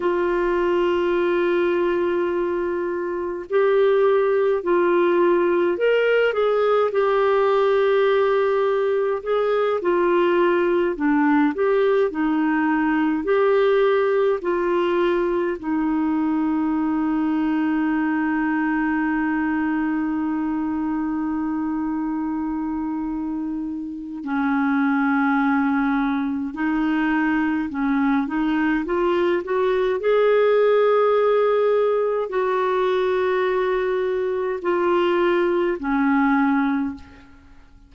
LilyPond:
\new Staff \with { instrumentName = "clarinet" } { \time 4/4 \tempo 4 = 52 f'2. g'4 | f'4 ais'8 gis'8 g'2 | gis'8 f'4 d'8 g'8 dis'4 g'8~ | g'8 f'4 dis'2~ dis'8~ |
dis'1~ | dis'4 cis'2 dis'4 | cis'8 dis'8 f'8 fis'8 gis'2 | fis'2 f'4 cis'4 | }